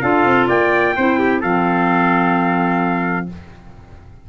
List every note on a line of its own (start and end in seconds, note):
0.00 0.25 D4
0.00 0.95 F4
0.00 0.47 A4
0.00 0.47 F5
0.25 0.48 C4
0.47 0.95 A#3
0.47 0.94 D5
0.47 1.42 G5
0.96 1.43 C4
0.96 1.42 E4
0.96 1.18 C5
1.18 1.40 G4
1.40 3.29 F3
1.40 3.28 C4
1.40 3.26 A4
1.40 3.28 F5